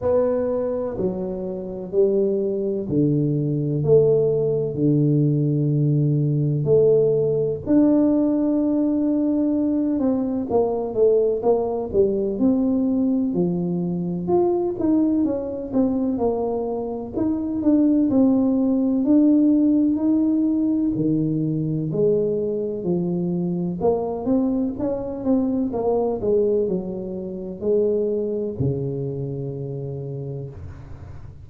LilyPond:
\new Staff \with { instrumentName = "tuba" } { \time 4/4 \tempo 4 = 63 b4 fis4 g4 d4 | a4 d2 a4 | d'2~ d'8 c'8 ais8 a8 | ais8 g8 c'4 f4 f'8 dis'8 |
cis'8 c'8 ais4 dis'8 d'8 c'4 | d'4 dis'4 dis4 gis4 | f4 ais8 c'8 cis'8 c'8 ais8 gis8 | fis4 gis4 cis2 | }